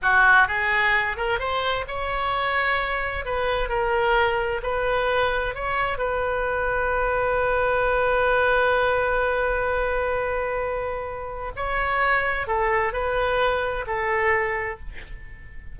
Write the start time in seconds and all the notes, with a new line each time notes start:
0.02 F#4
0.47 G#4
1.16 A#4
1.39 C5
1.87 C#5
3.25 B4
3.69 A#4
4.62 B4
5.54 C#5
5.98 B4
11.56 C#5
12.47 A4
12.92 B4
13.86 A4